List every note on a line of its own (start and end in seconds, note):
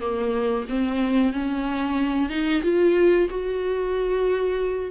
0.00 0.65 A#3
0.69 1.33 C4
1.33 2.29 C#4
2.29 2.62 D#4
2.63 3.28 F4
3.30 4.91 F#4